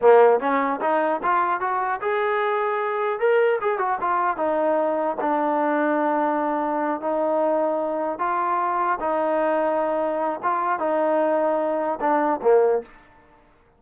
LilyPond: \new Staff \with { instrumentName = "trombone" } { \time 4/4 \tempo 4 = 150 ais4 cis'4 dis'4 f'4 | fis'4 gis'2. | ais'4 gis'8 fis'8 f'4 dis'4~ | dis'4 d'2.~ |
d'4. dis'2~ dis'8~ | dis'8 f'2 dis'4.~ | dis'2 f'4 dis'4~ | dis'2 d'4 ais4 | }